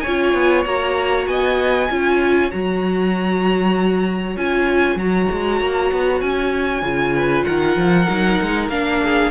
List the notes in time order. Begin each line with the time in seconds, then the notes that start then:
0.00 C#5 G#5
0.06 C#4 F4
0.34 B3
0.65 A#3 F#4 A#5
1.27 B3 D#5 G#5
1.90 C#4 F4 C#5
2.51 F#3 F#4 A#5
4.37 C#4 F4 G#5
4.96 F#3 F#4 A#5
5.32 G#3
5.61 A#3
5.92 B3
6.21 C#4 G#5
6.82 C#3 F4
7.15 B4
7.44 D#3 A#4 F#5
7.76 F3
8.08 F#3 D#4
8.42 G#3
8.69 A#3 D4 F5
9.03 G#4